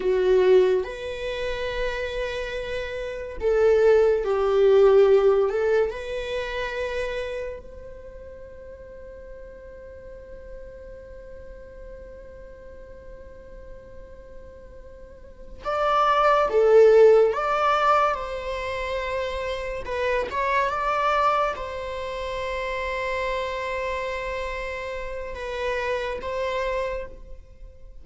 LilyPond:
\new Staff \with { instrumentName = "viola" } { \time 4/4 \tempo 4 = 71 fis'4 b'2. | a'4 g'4. a'8 b'4~ | b'4 c''2.~ | c''1~ |
c''2~ c''8 d''4 a'8~ | a'8 d''4 c''2 b'8 | cis''8 d''4 c''2~ c''8~ | c''2 b'4 c''4 | }